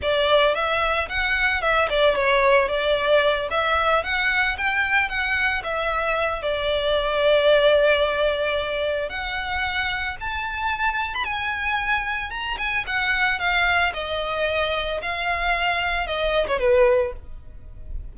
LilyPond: \new Staff \with { instrumentName = "violin" } { \time 4/4 \tempo 4 = 112 d''4 e''4 fis''4 e''8 d''8 | cis''4 d''4. e''4 fis''8~ | fis''8 g''4 fis''4 e''4. | d''1~ |
d''4 fis''2 a''4~ | a''8. b''16 gis''2 ais''8 gis''8 | fis''4 f''4 dis''2 | f''2 dis''8. cis''16 b'4 | }